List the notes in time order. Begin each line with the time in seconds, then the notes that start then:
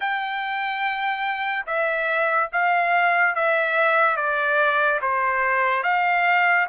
0.00 G5
1.66 E5
2.52 F5
3.35 E5
4.16 D5
5.01 C5
5.83 F5